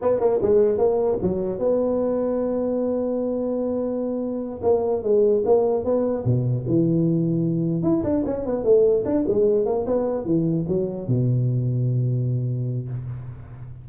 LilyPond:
\new Staff \with { instrumentName = "tuba" } { \time 4/4 \tempo 4 = 149 b8 ais8 gis4 ais4 fis4 | b1~ | b2.~ b8 ais8~ | ais8 gis4 ais4 b4 b,8~ |
b,8 e2. e'8 | d'8 cis'8 b8 a4 d'8 gis4 | ais8 b4 e4 fis4 b,8~ | b,1 | }